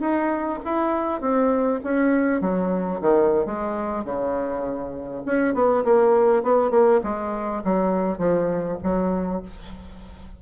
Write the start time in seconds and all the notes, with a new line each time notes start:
0.00 D#4
0.65 E4
1.21 C4
1.84 C#4
2.41 F#3
3.01 D#3
3.46 G#3
4.05 C#3
5.25 C#4
5.54 B3
5.84 A#3
6.43 B3
6.70 A#3
7.03 G#3
7.64 F#3
8.18 F3
8.83 F#3